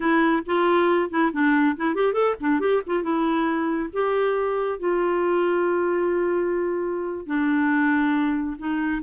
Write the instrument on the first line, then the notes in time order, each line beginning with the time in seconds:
clarinet
0.00 E4
0.45 F4
1.09 E4
1.32 D4
1.76 E4
1.95 G4
2.13 A4
2.40 D4
2.60 G4
2.86 F4
3.02 E4
3.92 G4
4.79 F4
7.26 D4
8.58 D#4